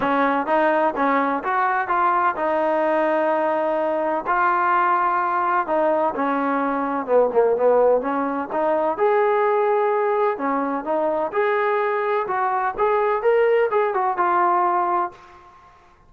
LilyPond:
\new Staff \with { instrumentName = "trombone" } { \time 4/4 \tempo 4 = 127 cis'4 dis'4 cis'4 fis'4 | f'4 dis'2.~ | dis'4 f'2. | dis'4 cis'2 b8 ais8 |
b4 cis'4 dis'4 gis'4~ | gis'2 cis'4 dis'4 | gis'2 fis'4 gis'4 | ais'4 gis'8 fis'8 f'2 | }